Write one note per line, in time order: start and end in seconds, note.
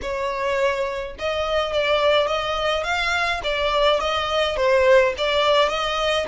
0.02 1.16 C#5
1.18 1.72 D#5
1.72 2.27 D5
2.27 2.83 D#5
2.83 3.40 F5
3.43 4.00 D5
4.00 4.56 D#5
4.56 5.13 C5
5.17 5.69 D5
5.69 6.26 D#5